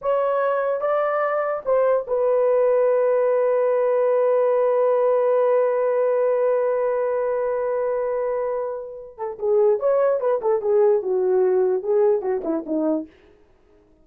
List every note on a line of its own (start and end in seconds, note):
0.01 0.81 C#5
0.81 1.62 D5
1.65 2.06 C5
2.07 9.17 B4
9.17 9.37 A4
9.38 9.79 G#4
9.79 10.20 C#5
10.20 10.40 B4
10.41 10.61 A4
10.61 11.02 G#4
11.02 11.82 F#4
11.82 12.21 G#4
12.21 12.42 F#4
12.44 12.64 E4
12.65 13.06 D#4